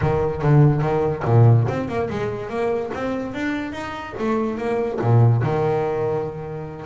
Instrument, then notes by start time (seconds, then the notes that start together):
double bass
0.01 D#3
0.42 D3
0.81 D#3
1.25 A#2
1.68 C4
1.88 A#3
2.09 G#3
2.49 A#3
2.93 C4
3.34 D4
3.72 D#4
4.18 A3
4.57 A#3
5.01 A#2
5.43 D#3